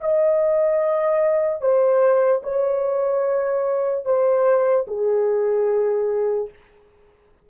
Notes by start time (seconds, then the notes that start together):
0.00 D#5
1.60 C5
2.43 C#5
4.04 C5
4.87 G#4